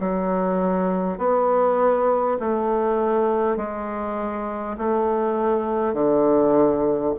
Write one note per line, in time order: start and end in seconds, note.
0.00 1.18 F#3
1.18 2.38 B3
2.40 3.57 A3
3.57 4.77 G#3
4.78 5.94 A3
5.94 7.14 D3